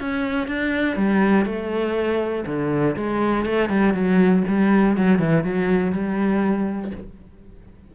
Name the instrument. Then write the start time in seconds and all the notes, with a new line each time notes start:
cello
0.00 C#4
0.47 D4
0.96 G3
1.45 A3
2.46 D3
2.96 G#3
3.46 A3
3.69 G3
3.94 F#3
4.48 G3
4.97 F#3
5.19 E3
5.44 F#3
5.92 G3